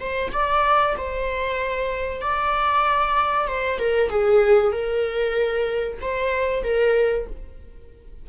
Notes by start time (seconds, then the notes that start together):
0.00 C5
0.33 D5
0.98 C5
2.22 D5
3.48 C5
3.79 A#4
4.10 G#4
4.72 A#4
6.01 C5
6.64 A#4